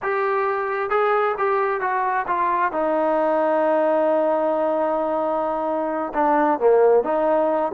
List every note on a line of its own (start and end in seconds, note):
0.02 0.89 G4
0.89 1.35 G#4
1.37 1.80 G4
1.80 2.26 F#4
2.27 2.71 F4
2.71 6.12 D#4
6.14 6.59 D4
6.59 7.03 A#3
7.03 7.71 D#4